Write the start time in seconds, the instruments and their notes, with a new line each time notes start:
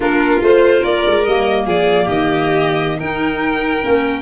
0.00 tuba A#3, clarinet D4, violin F4 A#4
0.41 tuba A3, clarinet F4, violin C5
0.79 tuba A#3, violin A#4 D5
1.06 tuba G#3
1.24 tuba G3, clarinet A#3, violin D#5
1.65 tuba F3, violin G#4 D5
2.04 tuba D#3, violin G4 D#5
2.98 tuba D#4, clarinet D#4, violin A#4 G5
3.82 tuba A#3, clarinet C#4